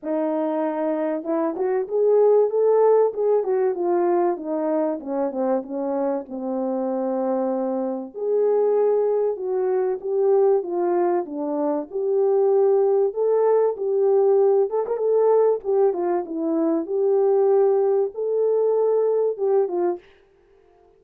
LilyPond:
\new Staff \with { instrumentName = "horn" } { \time 4/4 \tempo 4 = 96 dis'2 e'8 fis'8 gis'4 | a'4 gis'8 fis'8 f'4 dis'4 | cis'8 c'8 cis'4 c'2~ | c'4 gis'2 fis'4 |
g'4 f'4 d'4 g'4~ | g'4 a'4 g'4. a'16 ais'16 | a'4 g'8 f'8 e'4 g'4~ | g'4 a'2 g'8 f'8 | }